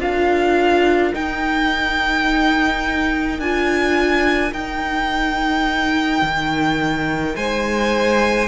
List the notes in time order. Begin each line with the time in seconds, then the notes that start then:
0.00 D4 F4 A#4 F5
1.13 D#4 G5
3.39 D4 F4 G#5
4.52 D#4 G5
6.22 D#3
7.36 G#3 C5 G#5